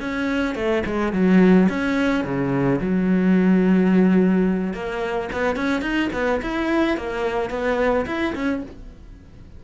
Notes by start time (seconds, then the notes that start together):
0.00 C#4
0.55 A3
0.86 G#3
1.13 F#3
1.69 C#4
2.24 C#3
2.81 F#3
4.73 A#3
5.33 B3
5.56 C#4
5.82 D#4
6.13 B3
6.42 E4
6.97 A#3
7.50 B3
8.06 E4
8.35 C#4